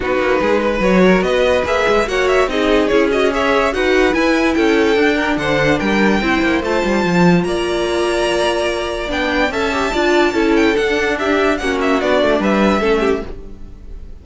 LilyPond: <<
  \new Staff \with { instrumentName = "violin" } { \time 4/4 \tempo 4 = 145 b'2 cis''4 dis''4 | e''4 fis''8 e''8 dis''4 cis''8 dis''8 | e''4 fis''4 gis''4 g''4~ | g''4 fis''4 g''2 |
a''2 ais''2~ | ais''2 g''4 a''4~ | a''4. g''8 fis''4 e''4 | fis''8 e''8 d''4 e''2 | }
  \new Staff \with { instrumentName = "violin" } { \time 4/4 fis'4 gis'8 b'4 ais'8 b'4~ | b'4 cis''4 gis'2 | cis''4 b'2 a'4~ | a'8 ais'8 c''4 ais'4 c''4~ |
c''2 d''2~ | d''2. e''4 | d''4 a'2 g'4 | fis'2 b'4 a'8 g'8 | }
  \new Staff \with { instrumentName = "viola" } { \time 4/4 dis'2 fis'2 | gis'4 fis'4 dis'4 e'8 fis'8 | gis'4 fis'4 e'2 | d'2. e'4 |
f'1~ | f'2 d'4 a'8 g'8 | f'4 e'4 d'2 | cis'4 d'2 cis'4 | }
  \new Staff \with { instrumentName = "cello" } { \time 4/4 b8 ais8 gis4 fis4 b4 | ais8 gis8 ais4 c'4 cis'4~ | cis'4 dis'4 e'4 cis'4 | d'4 d4 g4 c'8 ais8 |
a8 g8 f4 ais2~ | ais2 b4 cis'4 | d'4 cis'4 d'2 | ais4 b8 a8 g4 a4 | }
>>